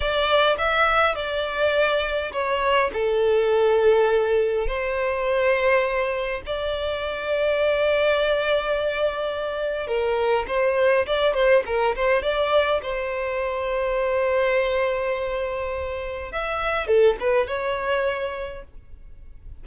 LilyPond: \new Staff \with { instrumentName = "violin" } { \time 4/4 \tempo 4 = 103 d''4 e''4 d''2 | cis''4 a'2. | c''2. d''4~ | d''1~ |
d''4 ais'4 c''4 d''8 c''8 | ais'8 c''8 d''4 c''2~ | c''1 | e''4 a'8 b'8 cis''2 | }